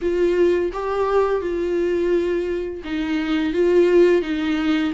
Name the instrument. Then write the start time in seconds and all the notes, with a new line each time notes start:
viola
0.01 F4
0.73 G4
1.41 F4
2.84 D#4
3.53 F4
4.22 D#4